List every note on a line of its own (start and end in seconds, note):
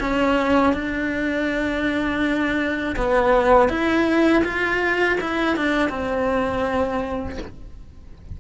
0.00 0.73 C#4
0.73 2.96 D4
2.96 3.69 B3
3.69 4.43 E4
4.44 5.19 F4
5.21 5.57 E4
5.57 5.90 D4
5.90 7.38 C4